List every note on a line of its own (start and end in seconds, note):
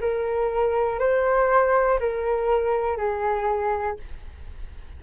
0.00 0.99 A#4
0.99 1.99 C5
1.99 2.97 A#4
2.97 3.97 G#4